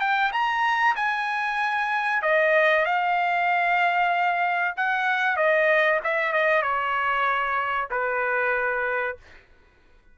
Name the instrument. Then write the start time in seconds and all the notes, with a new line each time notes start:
trumpet
0.00 G5
0.32 A#5
0.96 G#5
2.22 D#5
2.85 F5
4.76 F#5
5.36 D#5
6.04 E5
6.32 D#5
6.62 C#5
7.90 B4